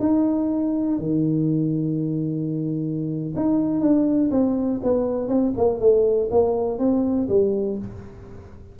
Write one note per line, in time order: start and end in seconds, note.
0.00 0.99 D#4
0.99 3.34 D#3
3.36 3.81 D#4
3.81 4.31 D4
4.31 4.81 C4
4.83 5.29 B3
5.29 5.53 C4
5.57 5.80 A#3
5.80 6.29 A3
6.31 6.79 A#3
6.79 7.28 C4
7.29 7.78 G3